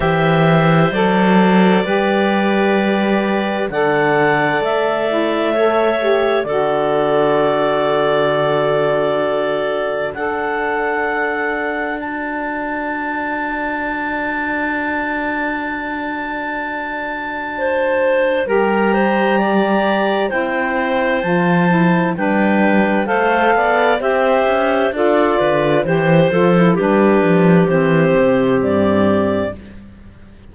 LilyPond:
<<
  \new Staff \with { instrumentName = "clarinet" } { \time 4/4 \tempo 4 = 65 e''4 d''2. | fis''4 e''2 d''4~ | d''2. fis''4~ | fis''4 a''2.~ |
a''1 | ais''2 g''4 a''4 | g''4 f''4 e''4 d''4 | c''8 a'8 b'4 c''4 d''4 | }
  \new Staff \with { instrumentName = "clarinet" } { \time 4/4 c''2 b'2 | d''2 cis''4 a'4~ | a'2. d''4~ | d''1~ |
d''2. c''4 | ais'8 c''8 d''4 c''2 | b'4 c''8 d''8 c''4 a'8 b'8 | c''4 g'2. | }
  \new Staff \with { instrumentName = "saxophone" } { \time 4/4 g'4 a'4 g'2 | a'4. e'8 a'8 g'8 fis'4~ | fis'2. a'4~ | a'4 fis'2.~ |
fis'1 | g'2 e'4 f'8 e'8 | d'4 a'4 g'4 f'4 | g'8 f'16 e'16 d'4 c'2 | }
  \new Staff \with { instrumentName = "cello" } { \time 4/4 e4 fis4 g2 | d4 a2 d4~ | d2. d'4~ | d'1~ |
d'1 | g2 c'4 f4 | g4 a8 b8 c'8 cis'8 d'8 d8 | e8 f8 g8 f8 e8 c8 g,4 | }
>>